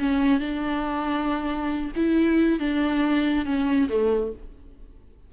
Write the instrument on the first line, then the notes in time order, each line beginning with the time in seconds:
viola
0.00 C#4
0.40 D4
1.96 E4
2.60 D4
3.46 C#4
3.90 A3